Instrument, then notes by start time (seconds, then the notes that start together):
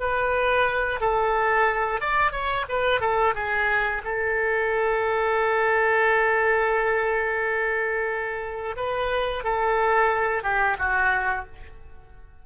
oboe
0.00 B4
1.01 A4
2.01 D5
2.32 C#5
2.69 B4
3.01 A4
3.35 G#4
4.05 A4
8.77 B4
9.44 A4
10.44 G4
10.79 F#4